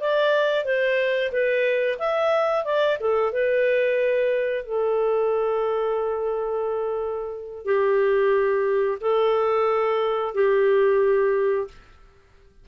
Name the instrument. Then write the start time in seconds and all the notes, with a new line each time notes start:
clarinet
0.00 D5
0.65 C5
1.32 B4
1.98 E5
2.65 D5
3.00 A4
3.32 B4
4.65 A4
7.65 G4
9.01 A4
10.34 G4